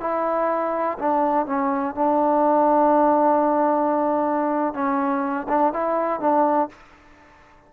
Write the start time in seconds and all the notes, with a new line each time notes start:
0.00 E4
0.98 D4
1.46 C#4
1.95 D4
4.74 C#4
5.48 D4
5.73 E4
6.20 D4